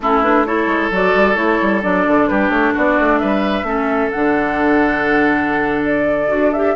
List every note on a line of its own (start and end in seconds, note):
0.00 0.66 A3
0.00 0.23 C#4
0.00 0.47 E4
0.00 0.22 A4
0.22 0.46 D4
0.22 0.45 B4
0.45 0.91 E4
0.45 2.29 A4
0.45 0.91 C#5
0.66 0.89 G#3
0.90 1.13 F#3
0.90 1.34 F#4
0.90 1.35 D5
1.15 1.35 G3
1.34 1.58 A3
1.34 1.80 E4
1.34 1.81 C#5
1.61 1.84 G3
1.82 2.06 F#3
1.82 3.64 D4
1.82 2.27 D5
2.07 2.30 D3
2.27 2.49 G3
2.27 2.73 G4
2.27 2.49 B4
2.49 2.72 A3
2.49 2.72 C#5
2.73 2.99 B3
2.73 3.19 F#4
2.73 3.18 D5
2.99 3.22 A3
3.18 3.62 G3
3.18 3.66 B4
3.18 4.10 E5
3.62 4.08 A3
3.62 4.10 C#4
3.62 6.75 A4
4.11 6.30 D3
4.11 6.28 D4
4.11 5.82 F#5
5.85 6.52 D5
6.28 6.75 D4
6.28 6.51 F#4
6.52 6.75 G4
6.52 6.75 E5